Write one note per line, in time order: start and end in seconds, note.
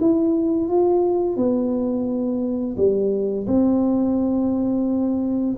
0.00 0.68 E4
0.68 1.36 F4
1.36 2.76 B3
2.77 3.46 G3
3.47 5.56 C4